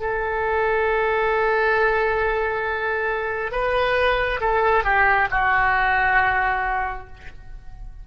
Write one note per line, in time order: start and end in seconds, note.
0.00 3.52 A4
3.52 4.40 B4
4.41 4.84 A4
4.84 5.29 G4
5.31 7.07 F#4